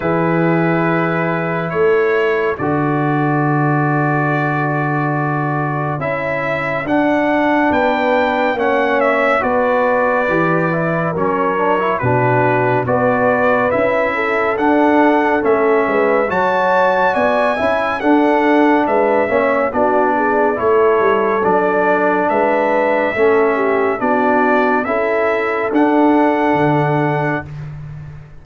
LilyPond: <<
  \new Staff \with { instrumentName = "trumpet" } { \time 4/4 \tempo 4 = 70 b'2 cis''4 d''4~ | d''2. e''4 | fis''4 g''4 fis''8 e''8 d''4~ | d''4 cis''4 b'4 d''4 |
e''4 fis''4 e''4 a''4 | gis''4 fis''4 e''4 d''4 | cis''4 d''4 e''2 | d''4 e''4 fis''2 | }
  \new Staff \with { instrumentName = "horn" } { \time 4/4 gis'2 a'2~ | a'1~ | a'4 b'4 cis''4 b'4~ | b'4 ais'4 fis'4 b'4~ |
b'8 a'2 b'8 cis''4 | d''8 e''8 a'4 b'8 cis''8 fis'8 gis'8 | a'2 b'4 a'8 g'8 | fis'4 a'2. | }
  \new Staff \with { instrumentName = "trombone" } { \time 4/4 e'2. fis'4~ | fis'2. e'4 | d'2 cis'4 fis'4 | g'8 e'8 cis'8 d'16 e'16 d'4 fis'4 |
e'4 d'4 cis'4 fis'4~ | fis'8 e'8 d'4. cis'8 d'4 | e'4 d'2 cis'4 | d'4 e'4 d'2 | }
  \new Staff \with { instrumentName = "tuba" } { \time 4/4 e2 a4 d4~ | d2. cis'4 | d'4 b4 ais4 b4 | e4 fis4 b,4 b4 |
cis'4 d'4 a8 gis8 fis4 | b8 cis'8 d'4 gis8 ais8 b4 | a8 g8 fis4 gis4 a4 | b4 cis'4 d'4 d4 | }
>>